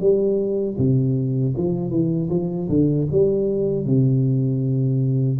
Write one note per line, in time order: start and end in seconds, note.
0.00 0.77 G3
0.78 1.55 C3
1.56 1.91 F3
1.91 2.29 E3
2.30 2.68 F3
2.69 3.08 D3
3.12 3.85 G3
3.85 5.39 C3